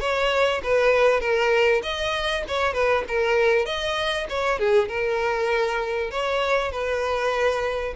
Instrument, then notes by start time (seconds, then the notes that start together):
violin
0.00 C#5
0.63 B4
1.20 A#4
1.83 D#5
2.48 C#5
2.73 B4
3.08 A#4
3.65 D#5
4.29 C#5
4.59 G#4
4.88 A#4
6.11 C#5
6.72 B4